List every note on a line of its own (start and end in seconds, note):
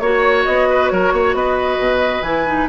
0.00 0.45 A#3
0.00 2.25 F#4
0.00 0.45 C#5
0.00 0.69 C#5
0.45 0.92 B3
0.45 0.88 D#5
0.70 0.92 B4
0.88 1.13 F#3
0.88 1.14 A#4
0.88 1.33 C#5
1.13 1.34 A#3
1.13 1.36 C#5
1.34 1.79 B3
1.34 2.69 B4
1.34 2.24 D#5
1.79 2.22 B2
2.22 2.67 E3
2.22 2.47 E4
2.22 2.68 G#5
2.47 2.69 D#4